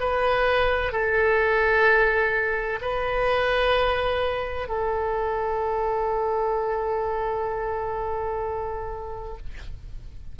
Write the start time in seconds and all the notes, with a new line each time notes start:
0.00 B4
0.92 A4
2.82 B4
4.68 A4